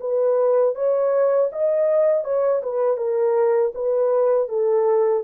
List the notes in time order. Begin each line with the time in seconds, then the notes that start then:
0.00 B4
0.75 C#5
1.52 D#5
2.24 C#5
2.62 B4
2.97 A#4
3.74 B4
4.48 A4